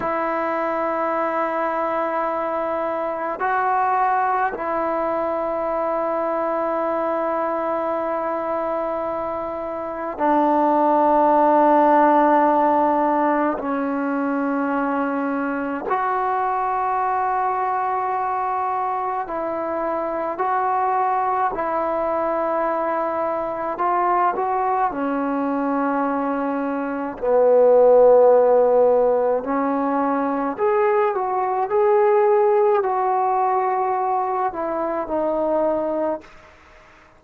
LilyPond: \new Staff \with { instrumentName = "trombone" } { \time 4/4 \tempo 4 = 53 e'2. fis'4 | e'1~ | e'4 d'2. | cis'2 fis'2~ |
fis'4 e'4 fis'4 e'4~ | e'4 f'8 fis'8 cis'2 | b2 cis'4 gis'8 fis'8 | gis'4 fis'4. e'8 dis'4 | }